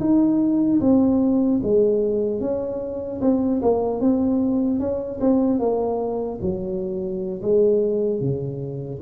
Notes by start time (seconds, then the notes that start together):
0.00 D#4
0.80 C4
1.63 G#3
2.40 C#4
3.21 C4
3.62 A#3
4.00 C4
4.80 C#4
5.20 C4
5.59 A#3
6.41 F#3
7.41 G#3
8.20 C#3